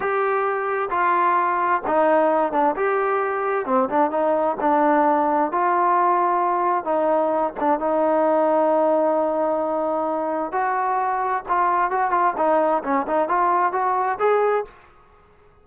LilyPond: \new Staff \with { instrumentName = "trombone" } { \time 4/4 \tempo 4 = 131 g'2 f'2 | dis'4. d'8 g'2 | c'8 d'8 dis'4 d'2 | f'2. dis'4~ |
dis'8 d'8 dis'2.~ | dis'2. fis'4~ | fis'4 f'4 fis'8 f'8 dis'4 | cis'8 dis'8 f'4 fis'4 gis'4 | }